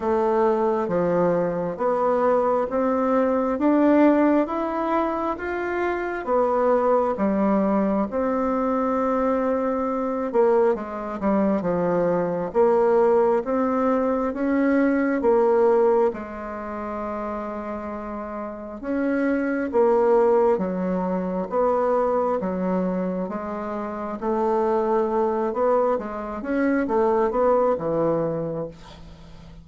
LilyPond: \new Staff \with { instrumentName = "bassoon" } { \time 4/4 \tempo 4 = 67 a4 f4 b4 c'4 | d'4 e'4 f'4 b4 | g4 c'2~ c'8 ais8 | gis8 g8 f4 ais4 c'4 |
cis'4 ais4 gis2~ | gis4 cis'4 ais4 fis4 | b4 fis4 gis4 a4~ | a8 b8 gis8 cis'8 a8 b8 e4 | }